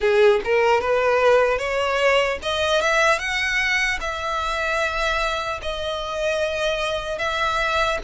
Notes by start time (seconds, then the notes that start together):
0.00 G#4
0.44 A#4
0.80 B4
1.58 C#5
2.42 D#5
2.81 E5
3.19 F#5
4.00 E5
5.61 D#5
7.18 E5